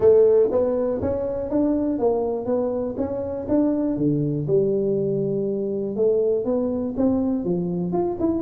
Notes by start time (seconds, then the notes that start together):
0.00 A3
0.51 B3
1.01 C#4
1.50 D4
1.98 A#3
2.45 B3
2.97 C#4
3.48 D4
3.96 D3
4.47 G3
5.96 A3
6.44 B3
6.97 C4
7.44 F3
7.92 F4
8.19 E4